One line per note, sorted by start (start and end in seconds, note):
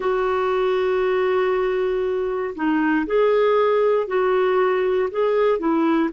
0.00 2.54 F#4
2.55 3.06 D#4
3.06 4.07 G#4
4.07 5.08 F#4
5.11 5.58 G#4
5.58 6.09 E4